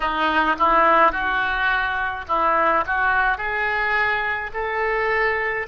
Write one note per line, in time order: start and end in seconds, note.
0.00 0.56 D#4
0.58 1.12 E4
1.12 2.25 F#4
2.27 2.84 E4
2.86 3.37 F#4
3.37 4.50 G#4
4.53 5.67 A4